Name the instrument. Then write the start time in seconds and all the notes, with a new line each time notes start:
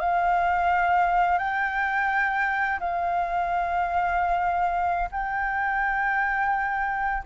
flute
0.00 F5
1.39 G5
2.80 F5
5.12 G5